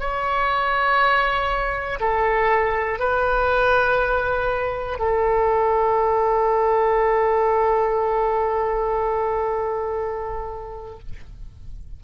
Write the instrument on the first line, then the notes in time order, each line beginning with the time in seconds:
oboe
0.00 C#5
2.00 A4
3.00 B4
4.99 A4